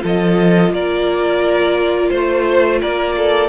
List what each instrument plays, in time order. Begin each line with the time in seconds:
0.00 cello F3, viola F4, violin A4 D#5
0.70 cello A#3, violin A#4 D5
2.10 cello A3, violin C5
2.80 cello A#3, violin A#4 D5
3.17 violin A4